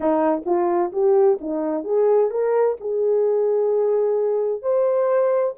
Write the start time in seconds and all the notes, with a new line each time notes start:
0.00 D#4
0.45 F4
0.92 G4
1.40 D#4
1.84 G#4
2.30 A#4
2.80 G#4
4.62 C5